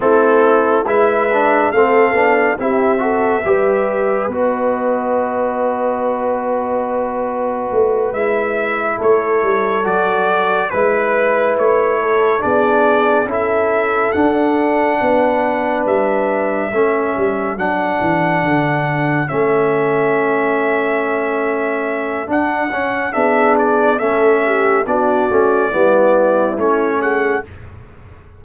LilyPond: <<
  \new Staff \with { instrumentName = "trumpet" } { \time 4/4 \tempo 4 = 70 a'4 e''4 f''4 e''4~ | e''4 dis''2.~ | dis''4. e''4 cis''4 d''8~ | d''8 b'4 cis''4 d''4 e''8~ |
e''8 fis''2 e''4.~ | e''8 fis''2 e''4.~ | e''2 fis''4 e''8 d''8 | e''4 d''2 cis''8 fis''8 | }
  \new Staff \with { instrumentName = "horn" } { \time 4/4 e'4 b'4 a'4 g'8 a'8 | b'1~ | b'2~ b'8 a'4.~ | a'8 b'4. a'8 gis'4 a'8~ |
a'4. b'2 a'8~ | a'1~ | a'2. gis'4 | a'8 g'8 fis'4 e'4. gis'8 | }
  \new Staff \with { instrumentName = "trombone" } { \time 4/4 c'4 e'8 d'8 c'8 d'8 e'8 fis'8 | g'4 fis'2.~ | fis'4. e'2 fis'8~ | fis'8 e'2 d'4 e'8~ |
e'8 d'2. cis'8~ | cis'8 d'2 cis'4.~ | cis'2 d'8 cis'8 d'4 | cis'4 d'8 cis'8 b4 cis'4 | }
  \new Staff \with { instrumentName = "tuba" } { \time 4/4 a4 gis4 a8 b8 c'4 | g4 b2.~ | b4 a8 gis4 a8 g8 fis8~ | fis8 gis4 a4 b4 cis'8~ |
cis'8 d'4 b4 g4 a8 | g8 fis8 e8 d4 a4.~ | a2 d'8 cis'8 b4 | a4 b8 a8 g4 a4 | }
>>